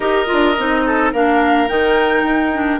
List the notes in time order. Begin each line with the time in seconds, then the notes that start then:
0.00 D#4 G4 A#4 D#5
0.26 F4
0.32 D4
0.57 C4 D#4
0.86 A4
1.12 A#3 D4 A#4 F5
1.67 D#3 D#4 G5
2.22 D#4
2.52 D4